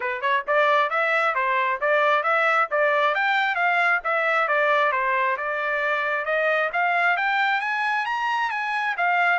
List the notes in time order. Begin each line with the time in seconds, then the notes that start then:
0.00 B4
0.21 C#5
0.47 D5
0.90 E5
1.34 C5
1.80 D5
2.23 E5
2.70 D5
3.14 G5
3.55 F5
4.04 E5
4.48 D5
4.92 C5
5.37 D5
6.25 D#5
6.72 F5
7.16 G5
7.60 G#5
8.05 A#5
8.50 G#5
8.97 F5